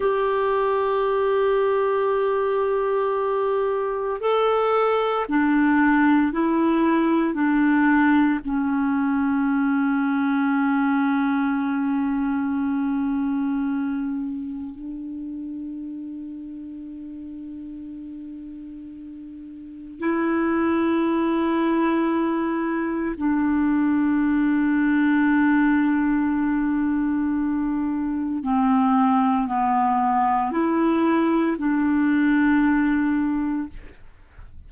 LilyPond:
\new Staff \with { instrumentName = "clarinet" } { \time 4/4 \tempo 4 = 57 g'1 | a'4 d'4 e'4 d'4 | cis'1~ | cis'2 d'2~ |
d'2. e'4~ | e'2 d'2~ | d'2. c'4 | b4 e'4 d'2 | }